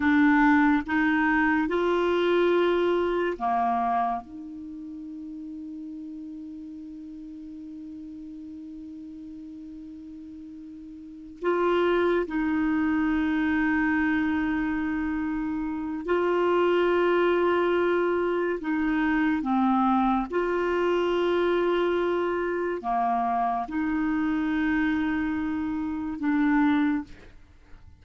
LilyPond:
\new Staff \with { instrumentName = "clarinet" } { \time 4/4 \tempo 4 = 71 d'4 dis'4 f'2 | ais4 dis'2.~ | dis'1~ | dis'4. f'4 dis'4.~ |
dis'2. f'4~ | f'2 dis'4 c'4 | f'2. ais4 | dis'2. d'4 | }